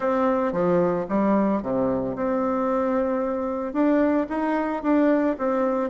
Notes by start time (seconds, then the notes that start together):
0.00 C4
0.52 F3
1.08 G3
1.62 C3
2.15 C4
3.73 D4
4.29 D#4
4.82 D4
5.38 C4